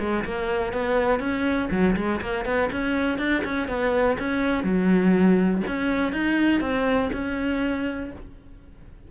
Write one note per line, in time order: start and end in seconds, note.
0.00 0.25 G#3
0.25 0.73 A#3
0.73 1.20 B3
1.20 1.69 C#4
1.71 1.96 F#3
1.96 2.21 G#3
2.22 2.45 A#3
2.45 2.70 B3
2.72 3.19 C#4
3.19 3.43 D4
3.45 3.68 C#4
3.68 4.18 B3
4.19 4.64 C#4
4.64 5.62 F#3
5.68 6.13 C#4
6.13 6.61 D#4
6.61 7.10 C4
7.13 8.11 C#4